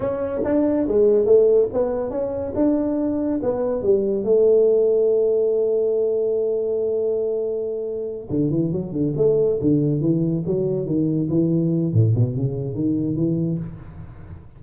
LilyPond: \new Staff \with { instrumentName = "tuba" } { \time 4/4 \tempo 4 = 141 cis'4 d'4 gis4 a4 | b4 cis'4 d'2 | b4 g4 a2~ | a1~ |
a2.~ a8 d8 | e8 fis8 d8 a4 d4 e8~ | e8 fis4 dis4 e4. | a,8 b,8 cis4 dis4 e4 | }